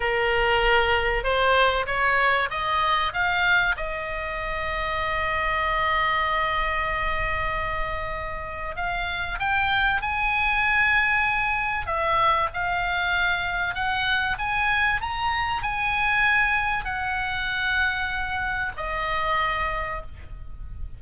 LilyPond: \new Staff \with { instrumentName = "oboe" } { \time 4/4 \tempo 4 = 96 ais'2 c''4 cis''4 | dis''4 f''4 dis''2~ | dis''1~ | dis''2 f''4 g''4 |
gis''2. e''4 | f''2 fis''4 gis''4 | ais''4 gis''2 fis''4~ | fis''2 dis''2 | }